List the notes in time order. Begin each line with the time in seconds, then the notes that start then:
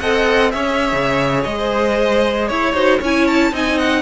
0.00 C4 A4 D#5 F#5
0.51 C#4 G#4 C#5 E5
0.93 C#3
1.44 G#3 D#5
1.58 C5
2.48 E4 C#5
2.74 D#4 F#4 C5
3.00 C#4 E4 C#5 G#5
3.28 A5
3.52 C4 D#4 D#5 G#5
3.79 F#5